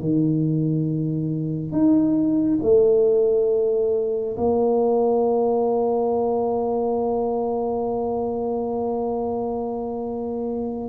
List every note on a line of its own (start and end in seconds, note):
0.00 1.72 D#3
1.72 2.59 D#4
2.62 4.36 A3
4.37 10.89 A#3